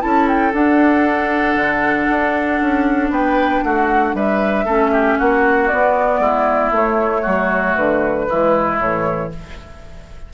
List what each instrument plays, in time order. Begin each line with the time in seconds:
0.00 bassoon C#4, clarinet E4, oboe A4, flute A5
0.27 flute G5
0.53 bassoon D4, clarinet D4, flute F#5
1.55 bassoon D3
2.10 bassoon D4
2.61 bassoon C#4
3.09 bassoon B3, oboe B4, flute G5
3.63 bassoon A3, oboe F#4, flute F#5
4.14 bassoon G3, oboe B4, flute E5
4.65 bassoon A3, clarinet C#4, oboe A4
4.92 oboe G4
5.18 bassoon A#3, oboe F#4, flute F#5
5.67 clarinet B3, bassoon B3, flute D5
6.19 bassoon G#3, oboe E4
6.71 bassoon A3, clarinet A3, flute C#5
7.22 bassoon F#3, oboe F#4
7.76 bassoon D3, flute B4
8.29 bassoon E3, clarinet G#3, oboe E4
8.79 bassoon A2, clarinet E3, flute C#5